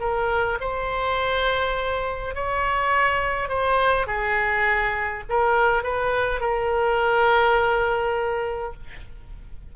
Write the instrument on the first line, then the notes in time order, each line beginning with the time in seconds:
oboe
0.00 A#4
0.60 C5
2.35 C#5
3.48 C5
4.07 G#4
5.29 A#4
5.83 B4
6.40 A#4